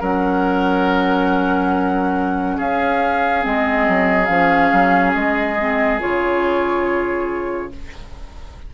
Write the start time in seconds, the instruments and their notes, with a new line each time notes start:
0.00 bassoon F#3, clarinet C#4, oboe A#4, flute F#5
2.57 bassoon C#4, oboe G#4, flute F5
3.41 bassoon G#3, clarinet C4, flute D#5
3.88 bassoon F#3
4.26 bassoon F3, clarinet C#4, flute F5
4.72 bassoon F#3
5.14 bassoon G#3, flute D#5
5.59 clarinet C4
6.00 bassoon C#3, clarinet F4, flute C#5